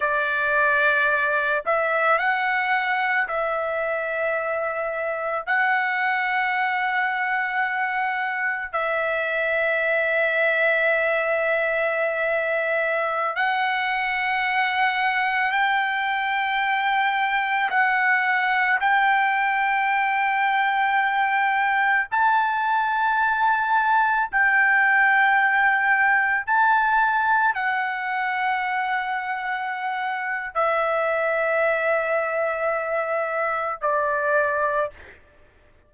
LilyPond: \new Staff \with { instrumentName = "trumpet" } { \time 4/4 \tempo 4 = 55 d''4. e''8 fis''4 e''4~ | e''4 fis''2. | e''1~ | e''16 fis''2 g''4.~ g''16~ |
g''16 fis''4 g''2~ g''8.~ | g''16 a''2 g''4.~ g''16~ | g''16 a''4 fis''2~ fis''8. | e''2. d''4 | }